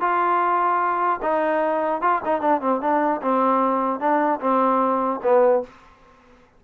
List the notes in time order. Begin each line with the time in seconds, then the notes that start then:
0.00 F4
1.22 D#4
2.01 F4
2.25 D#4
2.41 D4
2.61 C4
2.81 D4
3.21 C4
4.00 D4
4.40 C4
5.23 B3